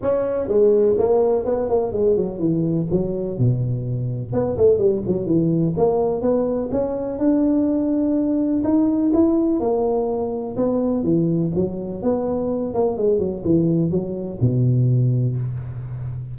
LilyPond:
\new Staff \with { instrumentName = "tuba" } { \time 4/4 \tempo 4 = 125 cis'4 gis4 ais4 b8 ais8 | gis8 fis8 e4 fis4 b,4~ | b,4 b8 a8 g8 fis8 e4 | ais4 b4 cis'4 d'4~ |
d'2 dis'4 e'4 | ais2 b4 e4 | fis4 b4. ais8 gis8 fis8 | e4 fis4 b,2 | }